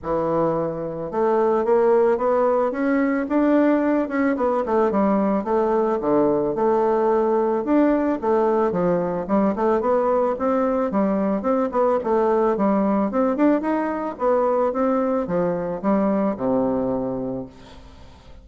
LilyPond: \new Staff \with { instrumentName = "bassoon" } { \time 4/4 \tempo 4 = 110 e2 a4 ais4 | b4 cis'4 d'4. cis'8 | b8 a8 g4 a4 d4 | a2 d'4 a4 |
f4 g8 a8 b4 c'4 | g4 c'8 b8 a4 g4 | c'8 d'8 dis'4 b4 c'4 | f4 g4 c2 | }